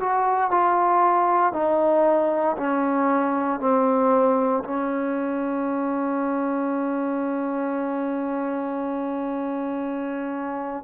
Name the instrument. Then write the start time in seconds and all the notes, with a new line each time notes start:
trombone
0.00 F#4
0.51 F4
1.53 D#4
2.58 C#4
3.60 C4
4.64 C#4